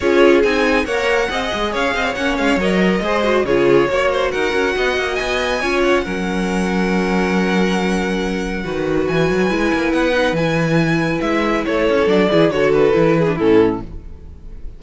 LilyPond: <<
  \new Staff \with { instrumentName = "violin" } { \time 4/4 \tempo 4 = 139 cis''4 gis''4 fis''2 | f''4 fis''8 f''8 dis''2 | cis''2 fis''2 | gis''4. fis''2~ fis''8~ |
fis''1~ | fis''4 gis''2 fis''4 | gis''2 e''4 cis''4 | d''4 cis''8 b'4. a'4 | }
  \new Staff \with { instrumentName = "violin" } { \time 4/4 gis'2 cis''4 dis''4 | cis''8 dis''16 cis''2~ cis''16 c''4 | gis'4 cis''8 c''8 ais'4 dis''4~ | dis''4 cis''4 ais'2~ |
ais'1 | b'1~ | b'2. a'4~ | a'8 gis'8 a'4. gis'8 e'4 | }
  \new Staff \with { instrumentName = "viola" } { \time 4/4 f'4 dis'4 ais'4 gis'4~ | gis'4 cis'4 ais'4 gis'8 fis'8 | f'4 fis'2.~ | fis'4 f'4 cis'2~ |
cis'1 | fis'2 e'4. dis'8 | e'1 | d'8 e'8 fis'4 e'8. d'16 cis'4 | }
  \new Staff \with { instrumentName = "cello" } { \time 4/4 cis'4 c'4 ais4 c'8 gis8 | cis'8 c'8 ais8 gis8 fis4 gis4 | cis4 ais4 dis'8 cis'8 b8 ais8 | b4 cis'4 fis2~ |
fis1 | dis4 e8 fis8 gis8 ais8 b4 | e2 gis4 a8 cis'8 | fis8 e8 d4 e4 a,4 | }
>>